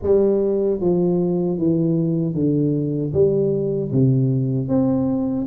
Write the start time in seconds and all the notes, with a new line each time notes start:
0.02 G3
0.80 F3
1.58 E3
2.34 D3
3.13 G3
3.91 C3
4.68 C4